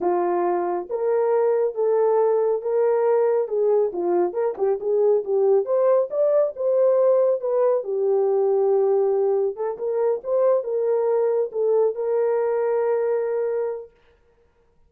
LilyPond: \new Staff \with { instrumentName = "horn" } { \time 4/4 \tempo 4 = 138 f'2 ais'2 | a'2 ais'2 | gis'4 f'4 ais'8 g'8 gis'4 | g'4 c''4 d''4 c''4~ |
c''4 b'4 g'2~ | g'2 a'8 ais'4 c''8~ | c''8 ais'2 a'4 ais'8~ | ais'1 | }